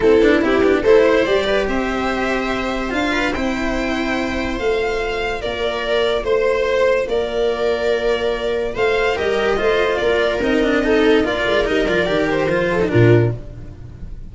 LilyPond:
<<
  \new Staff \with { instrumentName = "violin" } { \time 4/4 \tempo 4 = 144 a'4 g'4 c''4 d''4 | e''2. f''4 | g''2. f''4~ | f''4 d''2 c''4~ |
c''4 d''2.~ | d''4 f''4 dis''2 | d''4 dis''2 d''4 | dis''8 d''4 c''4. ais'4 | }
  \new Staff \with { instrumentName = "viola" } { \time 4/4 e'2 a'8 c''4 b'8 | c''2.~ c''8 b'8 | c''1~ | c''4 ais'2 c''4~ |
c''4 ais'2.~ | ais'4 c''4 ais'4 c''4 | ais'2 a'4 ais'4~ | ais'2~ ais'8 a'8 f'4 | }
  \new Staff \with { instrumentName = "cello" } { \time 4/4 c'8 d'8 e'8 d'8 e'4 g'4~ | g'2. f'4 | e'2. f'4~ | f'1~ |
f'1~ | f'2 g'4 f'4~ | f'4 dis'8 d'8 dis'4 f'4 | dis'8 f'8 g'4 f'8. dis'16 d'4 | }
  \new Staff \with { instrumentName = "tuba" } { \time 4/4 a8 b8 c'8 b8 a4 g4 | c'2. d'4 | c'2. a4~ | a4 ais2 a4~ |
a4 ais2.~ | ais4 a4 g4 a4 | ais4 c'2 ais8 gis8 | g8 f8 dis4 f4 ais,4 | }
>>